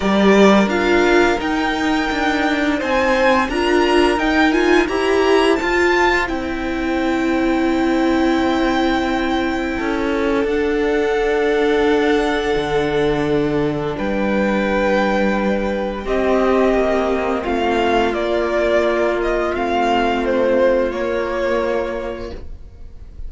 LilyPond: <<
  \new Staff \with { instrumentName = "violin" } { \time 4/4 \tempo 4 = 86 d''4 f''4 g''2 | gis''4 ais''4 g''8 gis''8 ais''4 | a''4 g''2.~ | g''2. fis''4~ |
fis''1 | g''2. dis''4~ | dis''4 f''4 d''4. dis''8 | f''4 c''4 cis''2 | }
  \new Staff \with { instrumentName = "violin" } { \time 4/4 ais'1 | c''4 ais'2 c''4~ | c''1~ | c''2 a'2~ |
a'1 | b'2. g'4~ | g'4 f'2.~ | f'1 | }
  \new Staff \with { instrumentName = "viola" } { \time 4/4 g'4 f'4 dis'2~ | dis'4 f'4 dis'8 f'8 g'4 | f'4 e'2.~ | e'2. d'4~ |
d'1~ | d'2. c'4~ | c'2 ais2 | c'2 ais2 | }
  \new Staff \with { instrumentName = "cello" } { \time 4/4 g4 d'4 dis'4 d'4 | c'4 d'4 dis'4 e'4 | f'4 c'2.~ | c'2 cis'4 d'4~ |
d'2 d2 | g2. c'4 | ais4 a4 ais2 | a2 ais2 | }
>>